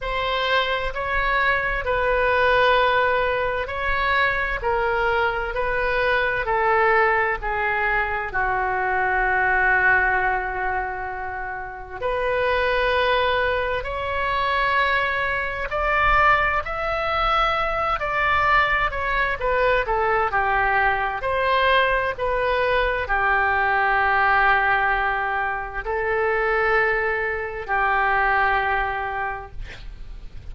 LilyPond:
\new Staff \with { instrumentName = "oboe" } { \time 4/4 \tempo 4 = 65 c''4 cis''4 b'2 | cis''4 ais'4 b'4 a'4 | gis'4 fis'2.~ | fis'4 b'2 cis''4~ |
cis''4 d''4 e''4. d''8~ | d''8 cis''8 b'8 a'8 g'4 c''4 | b'4 g'2. | a'2 g'2 | }